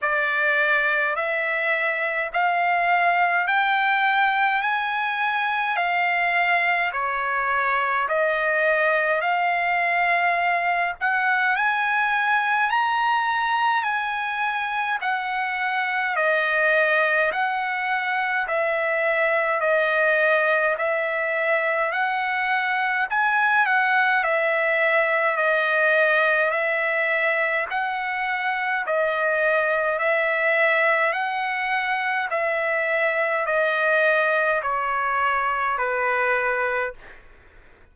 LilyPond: \new Staff \with { instrumentName = "trumpet" } { \time 4/4 \tempo 4 = 52 d''4 e''4 f''4 g''4 | gis''4 f''4 cis''4 dis''4 | f''4. fis''8 gis''4 ais''4 | gis''4 fis''4 dis''4 fis''4 |
e''4 dis''4 e''4 fis''4 | gis''8 fis''8 e''4 dis''4 e''4 | fis''4 dis''4 e''4 fis''4 | e''4 dis''4 cis''4 b'4 | }